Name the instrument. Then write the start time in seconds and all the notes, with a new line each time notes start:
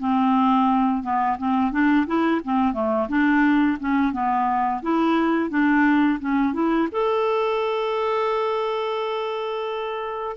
clarinet
0.00 C4
1.03 B3
1.39 C4
1.72 D4
2.07 E4
2.45 C4
2.74 A3
3.09 D4
3.80 C#4
4.13 B3
4.83 E4
5.50 D4
6.20 C#4
6.54 E4
6.92 A4